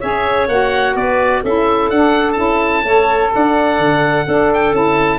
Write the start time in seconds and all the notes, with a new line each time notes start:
0.00 C#4 G#4 C#5 E5
0.48 A#3 F#4 F#5
0.95 B3 B4 D5
1.43 C#4 E4 A4 E5
1.90 D4 F#5
2.33 C#4 E4 A5
2.84 A3 A4 C#5
3.35 D4 D5 F#5
3.78 D3
4.26 D4 A4
4.53 G5
4.73 C#4 E4 A5